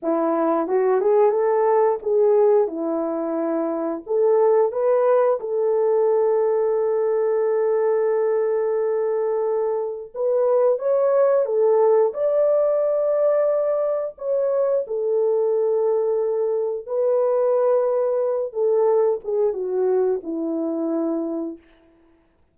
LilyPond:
\new Staff \with { instrumentName = "horn" } { \time 4/4 \tempo 4 = 89 e'4 fis'8 gis'8 a'4 gis'4 | e'2 a'4 b'4 | a'1~ | a'2. b'4 |
cis''4 a'4 d''2~ | d''4 cis''4 a'2~ | a'4 b'2~ b'8 a'8~ | a'8 gis'8 fis'4 e'2 | }